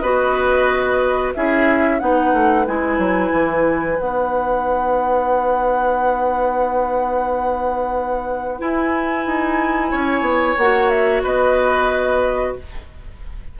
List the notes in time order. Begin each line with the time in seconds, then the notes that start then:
0.00 B3 F#4 B4 D#5
1.35 C#4 E4 G#4 E5
2.00 B3 D#4 B4 F#5
2.33 A3
2.66 G#3 E4 G#5
2.98 F#3
3.32 E3
3.98 B3 D#4 F#5
8.59 E4 G#5
9.26 D#4
9.91 C#4 C#5
10.21 B3
10.57 A#3 F#4 F#5
10.89 E5
11.23 B3 B4 D#5